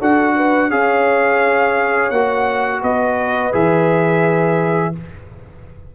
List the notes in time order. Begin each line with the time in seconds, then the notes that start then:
0.00 D4 F#4 A4 F#5
0.36 B4
0.71 C#4 G#4 C#5 F5
2.11 A#3 F#4 F#5
2.82 B3 B4 D#5
3.52 E3 G#4 E5